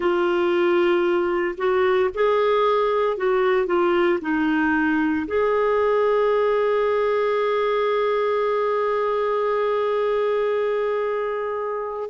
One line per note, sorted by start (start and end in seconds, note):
0.00 1.55 F4
1.57 2.10 F#4
2.14 3.17 G#4
3.17 3.66 F#4
3.66 4.19 F4
4.21 5.26 D#4
5.27 12.09 G#4